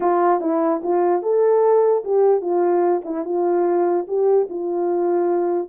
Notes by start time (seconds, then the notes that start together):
0.00 F4
0.41 E4
0.83 F4
1.22 A4
2.04 G4
2.41 F4
3.05 E4
3.25 F4
4.07 G4
4.49 F4